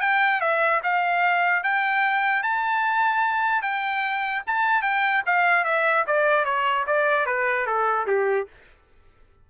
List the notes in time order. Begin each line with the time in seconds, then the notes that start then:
0.00 G5
0.40 E5
0.83 F5
1.63 G5
2.42 A5
3.61 G5
4.46 A5
4.82 G5
5.26 F5
5.64 E5
6.06 D5
6.44 C#5
6.86 D5
7.26 B4
7.66 A4
8.06 G4